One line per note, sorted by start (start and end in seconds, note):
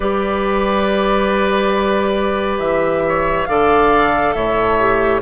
0.00 2.59 G3
0.00 3.48 G4
0.00 3.02 B4
0.00 2.59 D5
2.59 3.46 E3
2.59 3.45 E5
3.08 3.48 C#5
3.46 4.34 D3
3.46 4.78 A4
3.46 4.35 D5
3.46 4.33 F5
4.33 5.21 A2
4.33 5.21 C#5
4.33 5.20 E5
4.79 5.21 G4